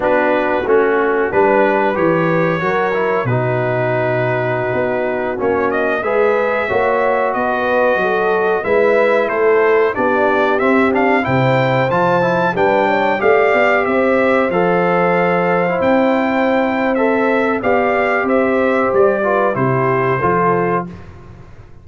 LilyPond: <<
  \new Staff \with { instrumentName = "trumpet" } { \time 4/4 \tempo 4 = 92 b'4 fis'4 b'4 cis''4~ | cis''4 b'2.~ | b'16 cis''8 dis''8 e''2 dis''8.~ | dis''4~ dis''16 e''4 c''4 d''8.~ |
d''16 e''8 f''8 g''4 a''4 g''8.~ | g''16 f''4 e''4 f''4.~ f''16~ | f''16 g''4.~ g''16 e''4 f''4 | e''4 d''4 c''2 | }
  \new Staff \with { instrumentName = "horn" } { \time 4/4 fis'2 b'2 | ais'4 fis'2.~ | fis'4~ fis'16 b'4 cis''4 b'8.~ | b'16 a'4 b'4 a'4 g'8.~ |
g'4~ g'16 c''2 b'8 cis''16~ | cis''16 d''4 c''2~ c''8.~ | c''2. d''4 | c''4. b'8 g'4 a'4 | }
  \new Staff \with { instrumentName = "trombone" } { \time 4/4 d'4 cis'4 d'4 g'4 | fis'8 e'8 dis'2.~ | dis'16 cis'4 gis'4 fis'4.~ fis'16~ | fis'4~ fis'16 e'2 d'8.~ |
d'16 c'8 d'8 e'4 f'8 e'8 d'8.~ | d'16 g'2 a'4.~ a'16 | e'2 a'4 g'4~ | g'4. f'8 e'4 f'4 | }
  \new Staff \with { instrumentName = "tuba" } { \time 4/4 b4 a4 g4 e4 | fis4 b,2~ b,16 b8.~ | b16 ais4 gis4 ais4 b8.~ | b16 fis4 gis4 a4 b8.~ |
b16 c'4 c4 f4 g8.~ | g16 a8 b8 c'4 f4.~ f16~ | f16 c'2~ c'8. b4 | c'4 g4 c4 f4 | }
>>